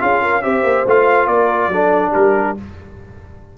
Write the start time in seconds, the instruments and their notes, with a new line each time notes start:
0.00 tuba C#4, trombone F4, horn G#4, trumpet F5
0.22 horn A#4
0.42 tuba C4, trombone G4, horn C5, trumpet E5
0.64 tuba A#3
0.86 tuba A3, trombone F4, trumpet F5
1.27 tuba A#3, horn A#4, trumpet D5
1.68 tuba F#3, trombone D4, horn A4
2.11 tuba G3, horn G4, trumpet A#4